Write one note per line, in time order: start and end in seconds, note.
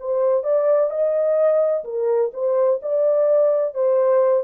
0.00 0.43 C5
0.43 0.90 D5
0.90 1.84 D#5
1.85 2.31 A#4
2.34 2.80 C5
2.82 3.75 D5
3.75 4.44 C5